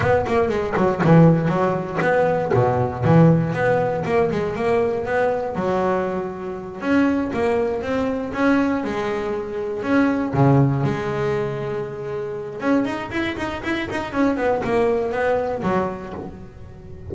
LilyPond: \new Staff \with { instrumentName = "double bass" } { \time 4/4 \tempo 4 = 119 b8 ais8 gis8 fis8 e4 fis4 | b4 b,4 e4 b4 | ais8 gis8 ais4 b4 fis4~ | fis4. cis'4 ais4 c'8~ |
c'8 cis'4 gis2 cis'8~ | cis'8 cis4 gis2~ gis8~ | gis4 cis'8 dis'8 e'8 dis'8 e'8 dis'8 | cis'8 b8 ais4 b4 fis4 | }